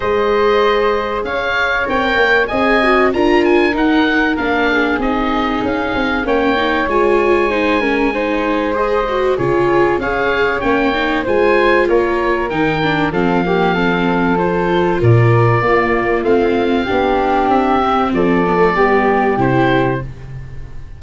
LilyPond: <<
  \new Staff \with { instrumentName = "oboe" } { \time 4/4 \tempo 4 = 96 dis''2 f''4 g''4 | gis''4 ais''8 gis''8 fis''4 f''4 | dis''4 f''4 g''4 gis''4~ | gis''2 dis''4 cis''4 |
f''4 g''4 gis''4 cis''4 | g''4 f''2 c''4 | d''2 f''2 | e''4 d''2 c''4 | }
  \new Staff \with { instrumentName = "flute" } { \time 4/4 c''2 cis''2 | dis''4 ais'2~ ais'8 gis'8~ | gis'2 cis''2 | c''8 ais'8 c''2 gis'4 |
cis''2 c''4 ais'4~ | ais'4 a'8 g'8 a'2 | ais'4 f'2 g'4~ | g'4 a'4 g'2 | }
  \new Staff \with { instrumentName = "viola" } { \time 4/4 gis'2. ais'4 | gis'8 fis'8 f'4 dis'4 d'4 | dis'2 cis'8 dis'8 f'4 | dis'8 cis'8 dis'4 gis'8 fis'8 f'4 |
gis'4 cis'8 dis'8 f'2 | dis'8 d'8 c'8 ais8 c'4 f'4~ | f'4 ais4 c'4 d'4~ | d'8 c'4 b16 a16 b4 e'4 | }
  \new Staff \with { instrumentName = "tuba" } { \time 4/4 gis2 cis'4 c'8 ais8 | c'4 d'4 dis'4 ais4 | c'4 cis'8 c'8 ais4 gis4~ | gis2. cis4 |
cis'4 ais4 gis4 ais4 | dis4 f2. | ais,4 ais4 a4 b4 | c'4 f4 g4 c4 | }
>>